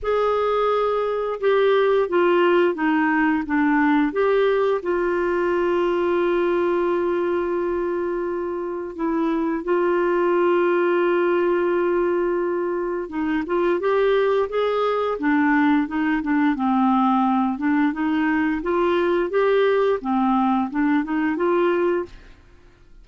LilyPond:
\new Staff \with { instrumentName = "clarinet" } { \time 4/4 \tempo 4 = 87 gis'2 g'4 f'4 | dis'4 d'4 g'4 f'4~ | f'1~ | f'4 e'4 f'2~ |
f'2. dis'8 f'8 | g'4 gis'4 d'4 dis'8 d'8 | c'4. d'8 dis'4 f'4 | g'4 c'4 d'8 dis'8 f'4 | }